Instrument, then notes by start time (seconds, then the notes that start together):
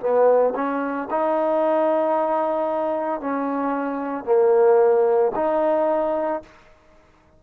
trombone
0.00 B3
0.55 C#4
1.10 D#4
3.20 C#4
4.25 A#3
5.35 D#4